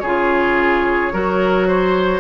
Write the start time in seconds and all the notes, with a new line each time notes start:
0.00 C#3 F4 G#4 C#5
1.12 F#3 F#4 A#4
1.68 C5